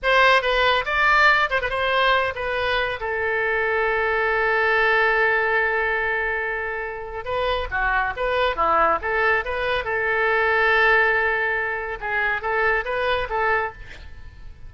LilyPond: \new Staff \with { instrumentName = "oboe" } { \time 4/4 \tempo 4 = 140 c''4 b'4 d''4. c''16 b'16 | c''4. b'4. a'4~ | a'1~ | a'1~ |
a'4 b'4 fis'4 b'4 | e'4 a'4 b'4 a'4~ | a'1 | gis'4 a'4 b'4 a'4 | }